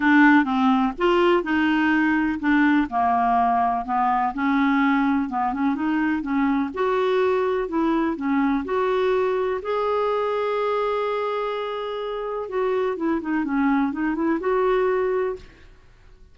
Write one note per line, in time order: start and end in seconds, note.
0.00 0.44 D4
0.44 0.92 C4
0.98 1.43 F4
1.43 2.39 D#4
2.39 2.87 D4
2.90 3.85 A#3
3.85 4.33 B3
4.34 5.29 C#4
5.29 5.53 B3
5.53 5.75 C#4
5.75 6.22 D#4
6.22 6.70 C#4
6.74 7.68 F#4
7.68 8.16 E4
8.16 8.64 C#4
8.64 9.60 F#4
9.62 12.48 G#4
12.48 12.96 F#4
12.96 13.20 E4
13.21 13.44 D#4
13.44 13.92 C#4
13.92 14.15 D#4
14.15 14.39 E4
14.40 15.36 F#4